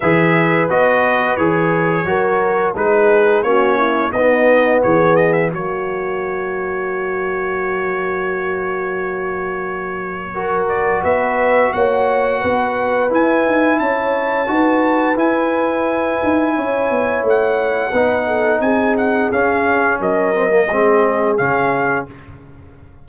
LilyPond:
<<
  \new Staff \with { instrumentName = "trumpet" } { \time 4/4 \tempo 4 = 87 e''4 dis''4 cis''2 | b'4 cis''4 dis''4 cis''8 dis''16 e''16 | cis''1~ | cis''2.~ cis''8 d''8 |
e''4 fis''2 gis''4 | a''2 gis''2~ | gis''4 fis''2 gis''8 fis''8 | f''4 dis''2 f''4 | }
  \new Staff \with { instrumentName = "horn" } { \time 4/4 b'2. ais'4 | gis'4 fis'8 e'8 dis'4 gis'4 | fis'1~ | fis'2. ais'4 |
b'4 cis''4 b'2 | cis''4 b'2. | cis''2 b'8 a'8 gis'4~ | gis'4 ais'4 gis'2 | }
  \new Staff \with { instrumentName = "trombone" } { \time 4/4 gis'4 fis'4 gis'4 fis'4 | dis'4 cis'4 b2 | ais1~ | ais2. fis'4~ |
fis'2. e'4~ | e'4 fis'4 e'2~ | e'2 dis'2 | cis'4. c'16 ais16 c'4 cis'4 | }
  \new Staff \with { instrumentName = "tuba" } { \time 4/4 e4 b4 e4 fis4 | gis4 ais4 b4 e4 | fis1~ | fis1 |
b4 ais4 b4 e'8 dis'8 | cis'4 dis'4 e'4. dis'8 | cis'8 b8 a4 b4 c'4 | cis'4 fis4 gis4 cis4 | }
>>